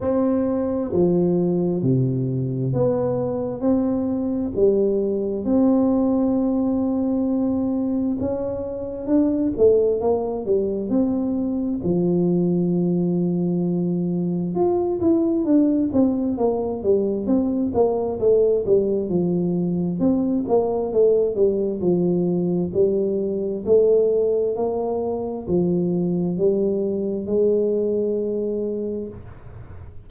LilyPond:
\new Staff \with { instrumentName = "tuba" } { \time 4/4 \tempo 4 = 66 c'4 f4 c4 b4 | c'4 g4 c'2~ | c'4 cis'4 d'8 a8 ais8 g8 | c'4 f2. |
f'8 e'8 d'8 c'8 ais8 g8 c'8 ais8 | a8 g8 f4 c'8 ais8 a8 g8 | f4 g4 a4 ais4 | f4 g4 gis2 | }